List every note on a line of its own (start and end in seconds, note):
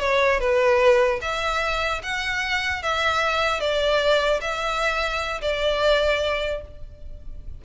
0.00 0.40 C#5
0.40 1.20 B4
1.22 2.02 E5
2.03 2.83 F#5
2.83 3.61 E5
3.61 4.41 D5
4.41 5.41 E5
5.41 6.61 D5